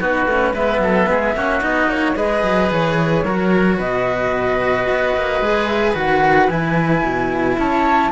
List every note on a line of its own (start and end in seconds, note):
0.00 0.27 B3
0.00 0.27 D#4
0.00 0.54 F#4
0.00 0.56 B4
0.27 0.54 A3
0.27 0.56 C#4
0.54 0.80 G#3
0.54 1.37 B3
0.54 0.81 B4
0.54 1.64 E5
0.80 1.07 F#3
0.80 1.10 A4
1.11 1.35 G#3
1.11 1.36 G#4
1.35 1.62 A#3
1.35 1.61 C#4
1.35 2.17 F#4
1.61 1.88 B3
1.61 2.15 D#4
1.61 1.91 D#5
1.88 2.15 A#3
1.88 2.17 C#5
2.16 2.44 G#3
2.16 3.24 G#4
2.16 3.25 B4
2.16 2.71 D#5
2.44 2.71 F#3
2.71 3.25 E3
2.71 3.80 C#5
3.25 3.80 F#3
3.25 5.44 F#4
3.25 3.78 A#4
3.78 4.88 B2
3.78 7.56 B4
3.78 5.68 D#5
4.90 5.17 B3
5.17 5.41 A#3
5.41 5.95 G#3
5.41 5.95 G#4
5.68 5.95 E5
5.95 6.49 D#3
5.95 6.49 F#4
5.95 6.49 F#5
6.49 7.03 E3
6.49 8.12 E4
6.49 7.57 G#5
7.04 7.58 B2
7.58 8.12 C#4
7.58 8.12 C#5
7.58 8.12 A5